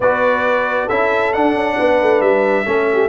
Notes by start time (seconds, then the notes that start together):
0.00 B3 F#4 B4 D5
0.85 C#4 E4 A4 E5
1.33 D4 F#5
1.54 C#4
1.77 B3 B4
2.01 A3
2.20 G3 E5
2.65 A3 C#4 A4
2.92 G4